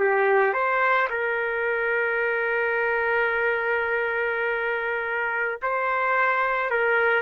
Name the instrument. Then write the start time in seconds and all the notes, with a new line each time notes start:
trumpet
0.00 G4
0.54 C5
1.10 A#4
5.63 C5
6.71 A#4